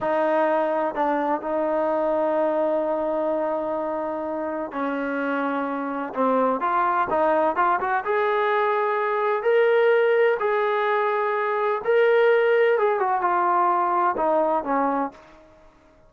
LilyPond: \new Staff \with { instrumentName = "trombone" } { \time 4/4 \tempo 4 = 127 dis'2 d'4 dis'4~ | dis'1~ | dis'2 cis'2~ | cis'4 c'4 f'4 dis'4 |
f'8 fis'8 gis'2. | ais'2 gis'2~ | gis'4 ais'2 gis'8 fis'8 | f'2 dis'4 cis'4 | }